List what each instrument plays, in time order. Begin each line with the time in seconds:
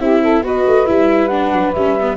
0.00 tuba C4, viola E4, saxophone G4, flute E5
0.22 saxophone A4
0.42 tuba B3, viola F#4, saxophone B4, flute D#5
0.67 tuba A3
0.86 tuba G3, viola E4, flute E5
1.28 viola D4, flute F#5
1.53 tuba F#3
1.73 tuba G3, viola C#4, flute E5
2.01 viola B3